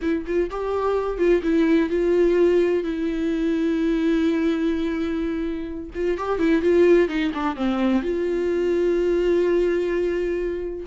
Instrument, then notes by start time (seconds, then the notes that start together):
viola
0.01 E4
0.26 F4
0.50 G4
1.17 F4
1.42 E4
1.89 F4
2.83 E4
5.94 F4
6.17 G4
6.38 E4
6.62 F4
7.08 D#4
7.34 D4
7.55 C4
8.02 F4